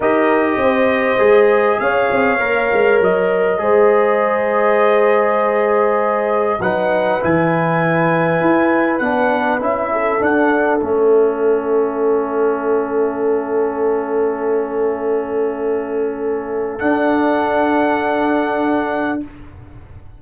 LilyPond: <<
  \new Staff \with { instrumentName = "trumpet" } { \time 4/4 \tempo 4 = 100 dis''2. f''4~ | f''4 dis''2.~ | dis''2. fis''4 | gis''2. fis''4 |
e''4 fis''4 e''2~ | e''1~ | e''1 | fis''1 | }
  \new Staff \with { instrumentName = "horn" } { \time 4/4 ais'4 c''2 cis''4~ | cis''2 c''2~ | c''2. b'4~ | b'1~ |
b'8 a'2.~ a'8~ | a'1~ | a'1~ | a'1 | }
  \new Staff \with { instrumentName = "trombone" } { \time 4/4 g'2 gis'2 | ais'2 gis'2~ | gis'2. dis'4 | e'2. d'4 |
e'4 d'4 cis'2~ | cis'1~ | cis'1 | d'1 | }
  \new Staff \with { instrumentName = "tuba" } { \time 4/4 dis'4 c'4 gis4 cis'8 c'8 | ais8 gis8 fis4 gis2~ | gis2. fis4 | e2 e'4 b4 |
cis'4 d'4 a2~ | a1~ | a1 | d'1 | }
>>